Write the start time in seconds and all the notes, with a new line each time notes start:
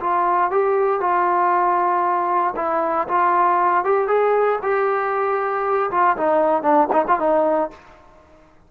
0.00 F4
0.51 G4
1.00 F4
2.56 E4
3.08 F4
3.84 G4
4.08 G#4
4.62 G4
5.91 F4
6.17 D#4
6.62 D4
6.93 D#4
7.08 F4
7.19 D#4